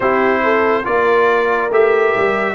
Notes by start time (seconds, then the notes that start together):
0.00 C4 E4 G4 C5
0.43 A4
0.84 A#3 F4 A#4 D5
1.70 A3 G4 E5
2.16 G3